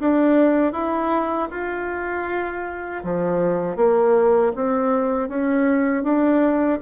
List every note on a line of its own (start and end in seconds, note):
0.00 0.73 D4
0.73 1.49 E4
1.51 3.03 F4
3.04 3.76 F3
3.76 4.52 A#3
4.55 5.29 C4
5.29 6.03 C#4
6.03 6.79 D4